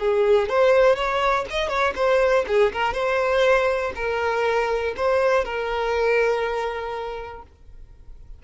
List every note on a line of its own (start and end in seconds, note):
0.00 0.50 G#4
0.50 0.96 C5
0.96 1.46 C#5
1.51 1.69 D#5
1.69 1.94 C#5
1.96 2.45 C5
2.48 2.73 G#4
2.73 2.94 A#4
2.94 3.93 C5
3.96 4.95 A#4
4.97 5.45 C5
5.45 7.43 A#4